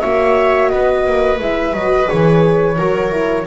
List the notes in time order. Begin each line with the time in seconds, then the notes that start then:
0.00 A#3 F#4 C#5 E5
0.68 B3 B4 D#5
1.06 A#3
1.39 G#3 E4 E5
1.73 F#3 F#4 D#5
2.06 E3 G#4 C#5
2.77 F#3 F#4 A#4
3.11 E4